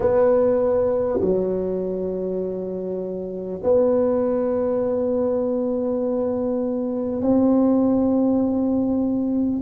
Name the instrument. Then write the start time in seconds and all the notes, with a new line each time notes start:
tuba
0.00 B3
1.20 F#3
3.63 B3
7.22 C4